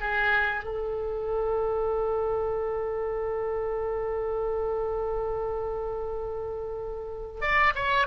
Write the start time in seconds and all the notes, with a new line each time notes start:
0.00 G#4
0.64 A4
7.41 D5
7.75 C#5